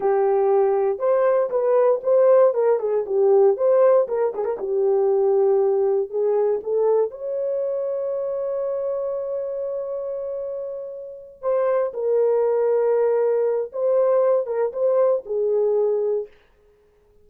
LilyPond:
\new Staff \with { instrumentName = "horn" } { \time 4/4 \tempo 4 = 118 g'2 c''4 b'4 | c''4 ais'8 gis'8 g'4 c''4 | ais'8 gis'16 ais'16 g'2. | gis'4 a'4 cis''2~ |
cis''1~ | cis''2~ cis''8 c''4 ais'8~ | ais'2. c''4~ | c''8 ais'8 c''4 gis'2 | }